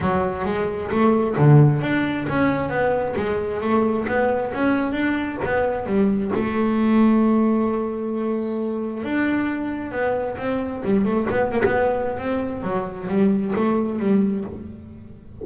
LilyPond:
\new Staff \with { instrumentName = "double bass" } { \time 4/4 \tempo 4 = 133 fis4 gis4 a4 d4 | d'4 cis'4 b4 gis4 | a4 b4 cis'4 d'4 | b4 g4 a2~ |
a1 | d'2 b4 c'4 | g8 a8 b8 ais16 b4~ b16 c'4 | fis4 g4 a4 g4 | }